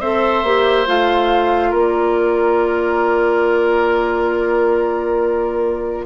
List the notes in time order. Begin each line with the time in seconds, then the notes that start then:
0.00 C4 A4 C5 E5
0.43 A#3 G4
0.86 A3 F4 F5
1.70 A#3 A#4 D5